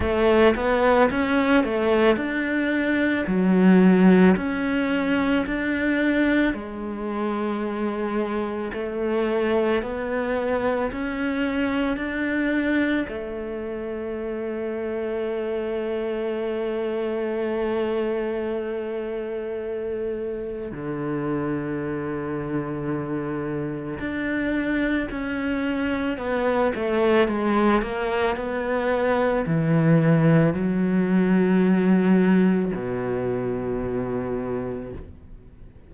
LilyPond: \new Staff \with { instrumentName = "cello" } { \time 4/4 \tempo 4 = 55 a8 b8 cis'8 a8 d'4 fis4 | cis'4 d'4 gis2 | a4 b4 cis'4 d'4 | a1~ |
a2. d4~ | d2 d'4 cis'4 | b8 a8 gis8 ais8 b4 e4 | fis2 b,2 | }